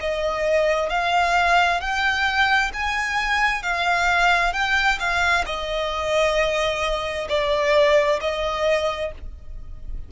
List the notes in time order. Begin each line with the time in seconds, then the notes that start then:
0.00 D#5
0.89 F5
1.81 G5
2.73 G#5
3.62 F5
4.53 G5
4.99 F5
5.45 D#5
7.29 D5
8.21 D#5